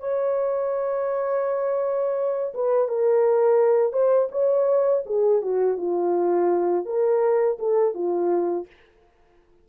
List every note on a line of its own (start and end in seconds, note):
0.00 2.53 C#5
2.54 2.88 B4
2.88 3.93 A#4
3.93 4.29 C5
4.31 5.04 C#5
5.06 5.42 G#4
5.42 5.78 F#4
5.78 6.86 F4
6.86 7.58 A#4
7.59 7.95 A4
7.95 8.67 F4